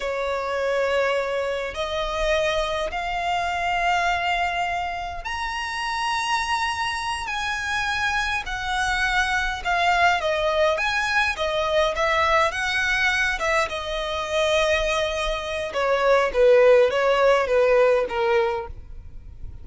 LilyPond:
\new Staff \with { instrumentName = "violin" } { \time 4/4 \tempo 4 = 103 cis''2. dis''4~ | dis''4 f''2.~ | f''4 ais''2.~ | ais''8 gis''2 fis''4.~ |
fis''8 f''4 dis''4 gis''4 dis''8~ | dis''8 e''4 fis''4. e''8 dis''8~ | dis''2. cis''4 | b'4 cis''4 b'4 ais'4 | }